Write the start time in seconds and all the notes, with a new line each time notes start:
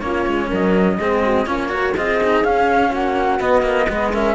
0.00 A#3 C#4 F4 C#5
0.26 G#3
0.49 F#3 A#4 D#5
0.98 G#3 C4 G#4
1.24 F#4
1.46 A#3 C#4 F4 C#5
1.69 F#4 A#4
1.95 C4 F4 G#4 D#5
2.23 D#4
2.43 C#4 F5
2.90 A#3 F#4 F#5
3.39 B3 D#5
3.62 A#3
3.88 G#3 B3 B4
4.12 C#4 A#4 E5